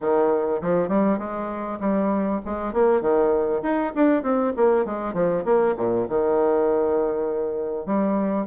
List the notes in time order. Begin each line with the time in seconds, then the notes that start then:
0.00 D#3
0.61 F3
0.88 G3
1.18 G#3
1.80 G3
2.45 G#3
2.73 A#3
3.01 D#3
3.62 D#4
3.95 D4
4.22 C4
4.56 A#3
4.85 G#3
5.13 F3
5.44 A#3
5.76 A#2
6.08 D#3
7.85 G3